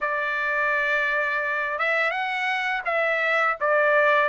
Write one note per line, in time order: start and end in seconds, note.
0.01 1.79 D5
1.79 2.10 E5
2.10 2.82 F#5
2.85 3.56 E5
3.60 4.29 D5